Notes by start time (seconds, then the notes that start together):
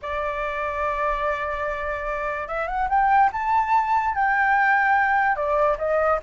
0.02 D5
2.48 E5
2.67 F#5
2.89 G5
3.32 A5
4.15 G5
5.36 D5
5.78 D#5